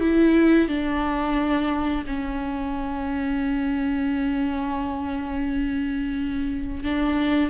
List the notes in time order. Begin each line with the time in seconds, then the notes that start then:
0.00 E4
0.68 D4
2.07 C#4
6.84 D4